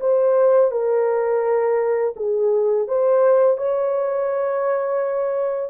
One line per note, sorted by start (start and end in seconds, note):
0.00 0.71 C5
0.71 2.14 A#4
2.16 2.87 G#4
2.88 3.57 C5
3.57 5.70 C#5